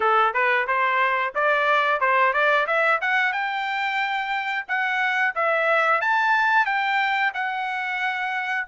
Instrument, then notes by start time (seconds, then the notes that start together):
trumpet
0.00 A4
0.33 B4
0.67 C5
1.34 D5
2.00 C5
2.33 D5
2.67 E5
3.01 F#5
3.32 G5
4.68 F#5
5.35 E5
6.01 A5
6.65 G5
7.34 F#5